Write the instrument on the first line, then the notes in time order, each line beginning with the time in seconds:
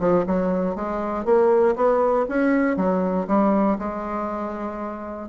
bassoon
0.00 F3
0.27 F#3
0.76 G#3
1.25 A#3
1.76 B3
2.29 C#4
2.77 F#3
3.28 G3
3.79 G#3